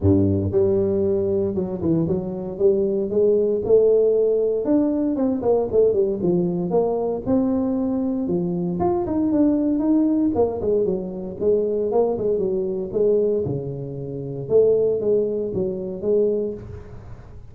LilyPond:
\new Staff \with { instrumentName = "tuba" } { \time 4/4 \tempo 4 = 116 g,4 g2 fis8 e8 | fis4 g4 gis4 a4~ | a4 d'4 c'8 ais8 a8 g8 | f4 ais4 c'2 |
f4 f'8 dis'8 d'4 dis'4 | ais8 gis8 fis4 gis4 ais8 gis8 | fis4 gis4 cis2 | a4 gis4 fis4 gis4 | }